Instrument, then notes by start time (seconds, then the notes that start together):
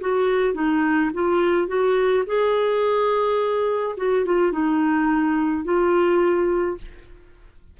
clarinet
0.00 F#4
0.54 D#4
1.13 F4
1.67 F#4
2.26 G#4
3.97 F#4
4.25 F4
4.52 D#4
5.64 F4